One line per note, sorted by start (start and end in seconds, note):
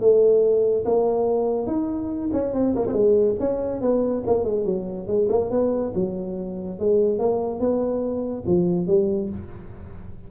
0.00 0.85 A3
0.85 1.67 A#3
1.67 2.30 D#4
2.33 2.54 C#4
2.54 2.75 C4
2.75 2.86 A#3
2.87 2.93 C4
2.93 3.35 G#3
3.39 3.81 C#4
3.81 4.23 B3
4.27 4.45 A#3
4.45 4.65 G#3
4.65 5.07 F#3
5.07 5.28 G#3
5.29 5.50 A#3
5.51 5.93 B3
5.95 6.79 F#3
6.79 7.19 G#3
7.19 7.60 A#3
7.60 8.44 B3
8.46 8.87 F3
8.87 9.29 G3